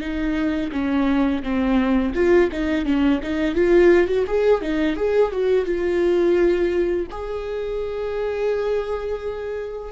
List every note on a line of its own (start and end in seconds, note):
0.00 0.71 D#4
0.72 1.42 C#4
1.42 2.13 C4
2.14 2.50 F4
2.52 2.85 D#4
2.85 3.20 C#4
3.22 3.55 D#4
3.55 4.07 F4
4.07 4.24 F#4
4.26 4.61 G#4
4.61 4.96 D#4
4.96 5.31 G#4
5.31 5.65 F#4
5.65 7.06 F4
7.10 9.92 G#4